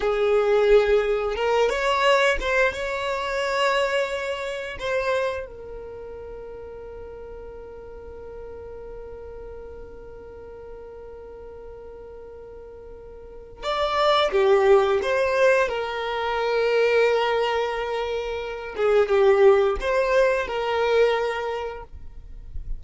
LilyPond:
\new Staff \with { instrumentName = "violin" } { \time 4/4 \tempo 4 = 88 gis'2 ais'8 cis''4 c''8 | cis''2. c''4 | ais'1~ | ais'1~ |
ais'1 | d''4 g'4 c''4 ais'4~ | ais'2.~ ais'8 gis'8 | g'4 c''4 ais'2 | }